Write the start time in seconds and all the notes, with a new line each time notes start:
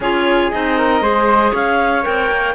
0.00 C#4 F4 G#4 C#5
0.51 C4 D#4 D#5
0.77 A#4
1.00 G#3 G#4 C5
1.51 C#4 C#5 F5
2.02 C4 A#4 G5
2.31 A#3